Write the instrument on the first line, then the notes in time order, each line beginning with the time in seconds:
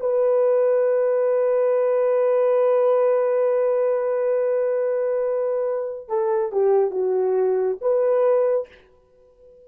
horn
0.00 B4
6.08 A4
6.52 G4
6.91 F#4
7.81 B4